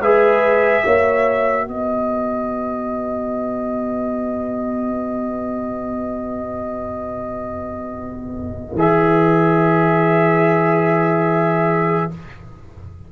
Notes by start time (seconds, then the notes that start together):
0.00 G#3 G#4 B4 E5
0.84 A#3 F#4 C#5
1.67 B3 B4 D#5
8.74 E3 G#4 E5